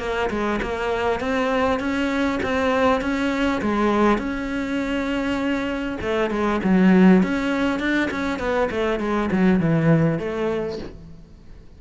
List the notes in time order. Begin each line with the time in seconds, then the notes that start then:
0.00 A#3
0.31 G#3
0.62 A#3
1.21 C4
1.80 C#4
2.43 C4
3.01 C#4
3.62 G#3
4.18 C#4
6.02 A3
6.31 G#3
6.64 F#3
7.23 C#4
7.80 D4
8.11 C#4
8.40 B3
8.71 A3
9.00 G#3
9.32 F#3
9.61 E3
10.19 A3